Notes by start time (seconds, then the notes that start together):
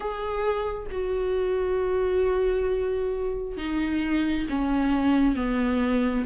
0.00 G#4
0.91 F#4
3.57 D#4
4.49 C#4
5.35 B3